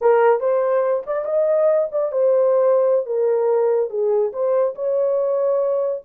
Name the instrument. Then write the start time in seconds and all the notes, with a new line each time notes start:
horn
0.01 A#4
0.40 C5
1.06 D5
1.25 D#5
1.91 D5
2.11 C5
3.05 A#4
3.90 G#4
4.32 C5
4.75 C#5